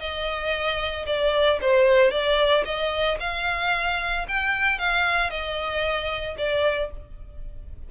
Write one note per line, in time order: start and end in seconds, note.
0.00 1.06 D#5
1.06 1.60 D5
1.61 2.11 C5
2.11 2.65 D5
2.65 3.18 D#5
3.20 4.26 F5
4.28 4.79 G5
4.79 5.30 F5
5.30 6.36 D#5
6.38 6.91 D5